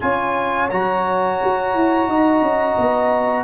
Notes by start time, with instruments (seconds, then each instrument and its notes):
0.00 tuba C#4, trombone F4, horn C#5, trumpet G#5
0.70 tuba F#3, trombone F#4, trumpet A#5
1.44 tuba F#4
1.75 tuba E4
2.07 tuba D#4, horn D#5
2.41 tuba C#4
2.78 tuba B3